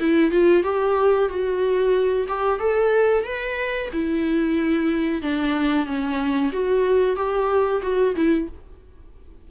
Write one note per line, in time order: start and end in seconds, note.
0.00 0.32 E4
0.32 0.64 F4
0.64 1.29 G4
1.29 2.27 F#4
2.29 2.60 G4
2.60 3.25 A4
3.25 3.90 B4
3.93 5.22 E4
5.22 5.86 D4
5.86 6.52 C#4
6.53 7.16 F#4
7.16 7.81 G4
7.83 8.16 F#4
8.16 8.49 E4